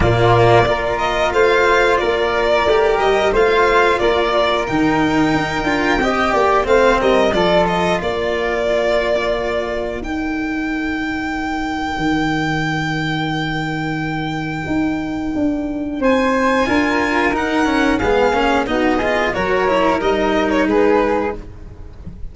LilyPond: <<
  \new Staff \with { instrumentName = "violin" } { \time 4/4 \tempo 4 = 90 d''4. dis''8 f''4 d''4~ | d''8 dis''8 f''4 d''4 g''4~ | g''2 f''8 dis''8 d''8 dis''8 | d''2. g''4~ |
g''1~ | g''1 | gis''2 fis''4 f''4 | dis''4 cis''4 dis''8. cis''16 b'4 | }
  \new Staff \with { instrumentName = "flute" } { \time 4/4 f'4 ais'4 c''4 ais'4~ | ais'4 c''4 ais'2~ | ais'4 dis''8 d''8 c''8 ais'8 a'4 | ais'1~ |
ais'1~ | ais'1 | c''4 ais'2 gis'4 | fis'8 gis'8 ais'2 gis'4 | }
  \new Staff \with { instrumentName = "cello" } { \time 4/4 ais4 f'2. | g'4 f'2 dis'4~ | dis'8 f'8 g'4 c'4 f'4~ | f'2. dis'4~ |
dis'1~ | dis'1~ | dis'4 f'4 dis'8 cis'8 b8 cis'8 | dis'8 f'8 fis'8 e'8 dis'2 | }
  \new Staff \with { instrumentName = "tuba" } { \time 4/4 ais,4 ais4 a4 ais4 | a8 g8 a4 ais4 dis4 | dis'8 d'8 c'8 ais8 a8 g8 f4 | ais2. dis'4~ |
dis'2 dis2~ | dis2 dis'4 d'4 | c'4 d'4 dis'4 gis8 ais8 | b4 fis4 g4 gis4 | }
>>